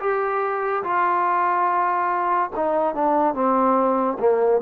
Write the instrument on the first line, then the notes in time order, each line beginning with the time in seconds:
trombone
0.00 G4
0.84 F4
2.56 D#4
2.95 D4
3.34 C4
4.20 A#3